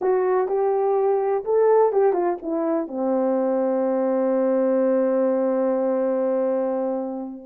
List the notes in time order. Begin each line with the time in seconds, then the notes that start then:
0.01 F#4
0.48 G4
1.44 A4
1.92 G4
2.13 F4
2.42 E4
2.87 C4